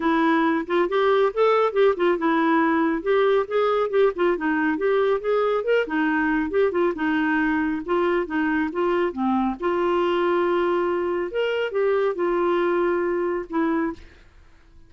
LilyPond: \new Staff \with { instrumentName = "clarinet" } { \time 4/4 \tempo 4 = 138 e'4. f'8 g'4 a'4 | g'8 f'8 e'2 g'4 | gis'4 g'8 f'8 dis'4 g'4 | gis'4 ais'8 dis'4. g'8 f'8 |
dis'2 f'4 dis'4 | f'4 c'4 f'2~ | f'2 ais'4 g'4 | f'2. e'4 | }